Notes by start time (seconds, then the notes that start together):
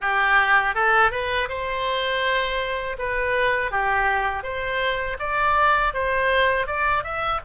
0.01 G4
0.74 A4
1.11 B4
1.48 C5
2.98 B4
3.71 G4
4.43 C5
5.19 D5
5.93 C5
6.66 D5
7.03 E5